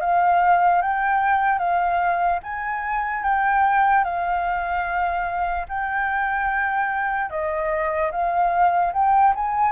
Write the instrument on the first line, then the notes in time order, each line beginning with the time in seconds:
flute
0.00 F5
0.81 G5
1.58 F5
2.43 G#5
3.23 G5
4.04 F5
5.68 G5
7.30 D#5
8.11 F5
8.93 G5
9.35 G#5